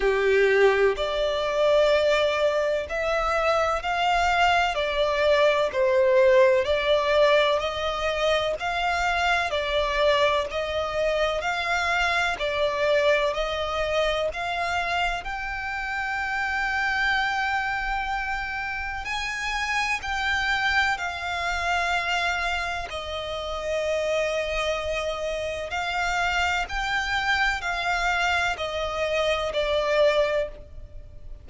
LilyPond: \new Staff \with { instrumentName = "violin" } { \time 4/4 \tempo 4 = 63 g'4 d''2 e''4 | f''4 d''4 c''4 d''4 | dis''4 f''4 d''4 dis''4 | f''4 d''4 dis''4 f''4 |
g''1 | gis''4 g''4 f''2 | dis''2. f''4 | g''4 f''4 dis''4 d''4 | }